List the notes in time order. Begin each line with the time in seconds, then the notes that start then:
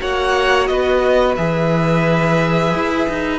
0.00 A#3 F#4 C#5 F#5
0.67 B3 B4 D#5
1.35 E3 G#4 E5
2.74 E4
3.09 D#4